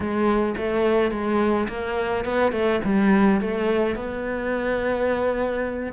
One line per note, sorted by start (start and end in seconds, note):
0.00 0.55 G#3
0.57 1.11 A3
1.11 1.67 G#3
1.68 2.25 A#3
2.25 2.52 B3
2.52 2.80 A3
2.84 3.40 G3
3.40 3.95 A3
3.95 5.92 B3